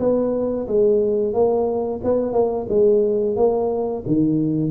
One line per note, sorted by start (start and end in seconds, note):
0.00 0.67 B3
0.68 1.34 G#3
1.34 2.01 A#3
2.04 2.33 B3
2.33 2.67 A#3
2.70 3.37 G#3
3.37 4.04 A#3
4.07 4.72 D#3